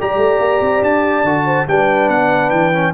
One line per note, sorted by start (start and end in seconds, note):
0.00 0.17 G3
0.00 1.25 G4
0.00 1.45 D5
0.00 0.83 A#5
0.17 0.38 A3
0.38 0.59 A#3
0.60 0.81 C4
0.82 1.24 D4
0.82 1.67 A5
1.24 1.65 D3
1.24 1.67 F#4
1.45 1.66 C5
1.67 2.08 G3
1.67 2.73 D4
1.67 2.94 B4
1.67 2.09 G5
2.08 2.50 B3
2.08 2.50 F#5
2.50 2.93 E3
2.50 2.92 G5
2.73 2.94 C#4